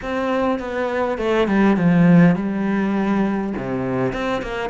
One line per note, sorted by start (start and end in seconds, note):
0.02 0.59 C4
0.59 1.18 B3
1.18 1.47 A3
1.47 1.76 G3
1.76 2.35 F3
2.35 3.53 G3
3.57 4.12 C3
4.12 4.42 C4
4.42 4.69 A#3